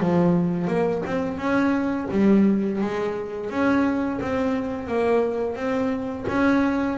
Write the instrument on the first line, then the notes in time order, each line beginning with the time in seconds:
double bass
0.00 F3
0.68 A#3
1.06 C4
1.38 C#4
2.11 G3
2.81 G#3
3.50 C#4
4.21 C4
4.87 A#3
5.56 C4
6.28 C#4